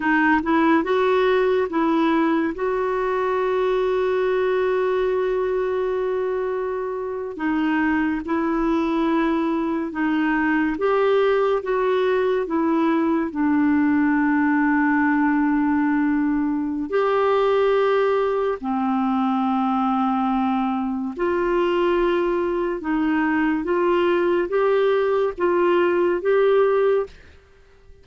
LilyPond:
\new Staff \with { instrumentName = "clarinet" } { \time 4/4 \tempo 4 = 71 dis'8 e'8 fis'4 e'4 fis'4~ | fis'1~ | fis'8. dis'4 e'2 dis'16~ | dis'8. g'4 fis'4 e'4 d'16~ |
d'1 | g'2 c'2~ | c'4 f'2 dis'4 | f'4 g'4 f'4 g'4 | }